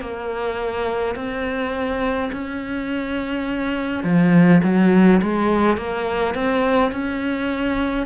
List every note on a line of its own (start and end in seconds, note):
0.00 1.15 A#3
1.15 2.31 C4
2.32 4.04 C#4
4.04 4.62 F3
4.63 5.21 F#3
5.22 5.77 G#3
5.77 6.35 A#3
6.35 6.92 C4
6.92 8.06 C#4